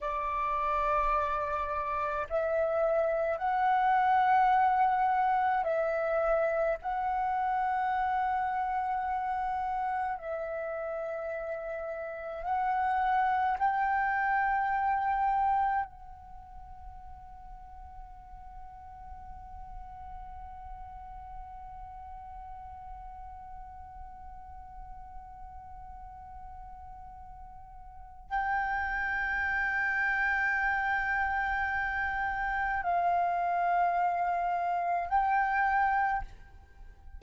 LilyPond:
\new Staff \with { instrumentName = "flute" } { \time 4/4 \tempo 4 = 53 d''2 e''4 fis''4~ | fis''4 e''4 fis''2~ | fis''4 e''2 fis''4 | g''2 fis''2~ |
fis''1~ | fis''1~ | fis''4 g''2.~ | g''4 f''2 g''4 | }